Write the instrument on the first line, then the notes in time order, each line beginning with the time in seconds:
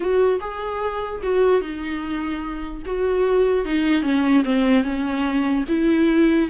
viola
0.00 F#4
0.40 G#4
1.23 F#4
1.61 D#4
2.85 F#4
3.65 D#4
4.02 C#4
4.44 C4
4.83 C#4
5.68 E4